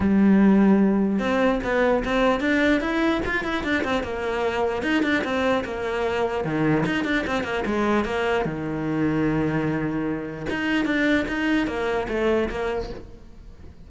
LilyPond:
\new Staff \with { instrumentName = "cello" } { \time 4/4 \tempo 4 = 149 g2. c'4 | b4 c'4 d'4 e'4 | f'8 e'8 d'8 c'8 ais2 | dis'8 d'8 c'4 ais2 |
dis4 dis'8 d'8 c'8 ais8 gis4 | ais4 dis2.~ | dis2 dis'4 d'4 | dis'4 ais4 a4 ais4 | }